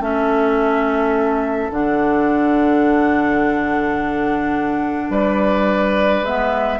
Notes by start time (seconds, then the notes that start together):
0.00 A3 C#4 A4 E5
1.71 D3 D4 F#5
5.09 G3 B4 D5
6.23 G#3 B3 E5